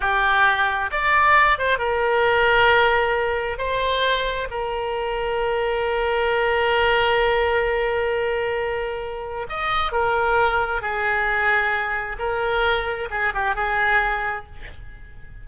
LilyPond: \new Staff \with { instrumentName = "oboe" } { \time 4/4 \tempo 4 = 133 g'2 d''4. c''8 | ais'1 | c''2 ais'2~ | ais'1~ |
ais'1~ | ais'4 dis''4 ais'2 | gis'2. ais'4~ | ais'4 gis'8 g'8 gis'2 | }